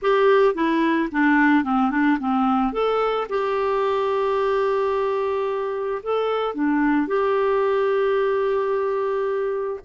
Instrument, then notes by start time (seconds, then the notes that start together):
clarinet
0.02 G4
0.54 E4
1.11 D4
1.64 C4
1.90 D4
2.19 C4
2.72 A4
3.29 G4
6.02 A4
6.54 D4
7.07 G4